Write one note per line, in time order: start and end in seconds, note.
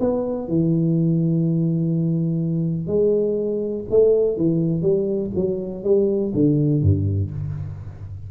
0.00 0.48 B3
0.48 2.88 E3
2.88 3.85 G#3
3.90 4.37 A3
4.37 4.82 E3
4.82 5.31 G3
5.35 5.84 F#3
5.84 6.32 G3
6.34 6.82 D3
6.82 7.31 G2